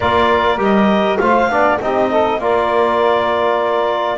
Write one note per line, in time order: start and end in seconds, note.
0.00 0.58 A#3
0.00 0.57 F4
0.00 1.20 A#4
0.00 0.60 D5
0.57 1.18 G3
0.57 1.17 G4
0.57 1.18 D#5
1.18 1.48 A3
1.18 1.49 F4
1.18 1.50 C5
1.18 1.78 F5
1.48 1.78 B3
1.48 1.79 D4
1.48 1.80 D5
1.80 2.38 C4
1.80 2.41 D#4
1.80 2.10 G4
1.80 2.41 D#5
2.10 2.40 A4
2.38 4.17 A#3
2.38 4.17 F4
2.38 4.17 A#4
2.38 4.17 D5